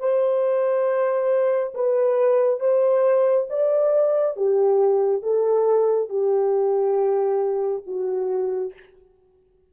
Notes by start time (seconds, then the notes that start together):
0.00 C5
1.75 B4
2.61 C5
3.50 D5
4.37 G4
5.23 A4
6.10 G4
7.87 F#4